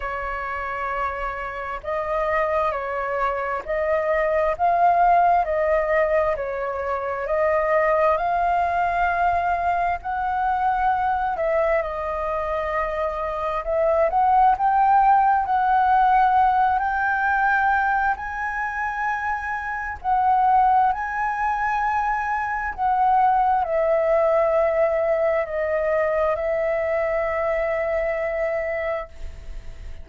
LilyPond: \new Staff \with { instrumentName = "flute" } { \time 4/4 \tempo 4 = 66 cis''2 dis''4 cis''4 | dis''4 f''4 dis''4 cis''4 | dis''4 f''2 fis''4~ | fis''8 e''8 dis''2 e''8 fis''8 |
g''4 fis''4. g''4. | gis''2 fis''4 gis''4~ | gis''4 fis''4 e''2 | dis''4 e''2. | }